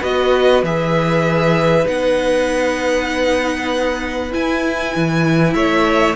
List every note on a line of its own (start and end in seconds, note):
0.00 0.63 B3
0.00 0.63 F#4
0.00 5.51 B4
0.00 0.64 D#5
0.63 1.85 E3
0.63 1.84 G#4
0.63 1.87 E5
1.84 4.33 B3
1.84 4.29 D#4
1.84 4.32 F#5
4.31 6.15 E4
4.31 4.95 E4
4.31 5.53 G#5
4.96 5.54 E3
5.53 6.15 A3
5.53 6.15 C#5
5.53 6.15 E5